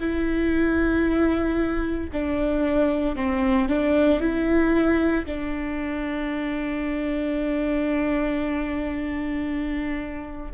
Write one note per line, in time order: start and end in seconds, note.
0.00 2.11 E4
2.13 3.16 D4
3.16 3.68 C4
3.68 4.20 D4
4.20 5.25 E4
5.26 10.52 D4